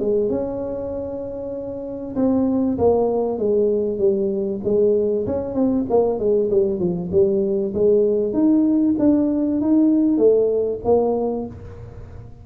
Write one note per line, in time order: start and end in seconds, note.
0.00 0.30 G#3
0.30 2.16 C#4
2.16 2.78 C4
2.79 3.39 A#3
3.39 3.99 G#3
3.99 4.61 G3
4.64 5.26 G#3
5.27 5.55 C#4
5.55 5.86 C4
5.90 6.20 A#3
6.20 6.51 G#3
6.51 6.80 G3
6.80 7.10 F3
7.12 7.74 G3
7.74 8.34 G#3
8.34 8.96 D#4
8.99 9.61 D4
9.61 10.18 D#4
10.18 10.80 A3
10.85 11.47 A#3